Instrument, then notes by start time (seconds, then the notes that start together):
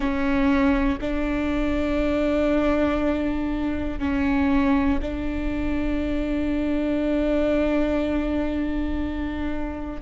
viola
0.00 C#4
1.00 D4
3.99 C#4
5.01 D4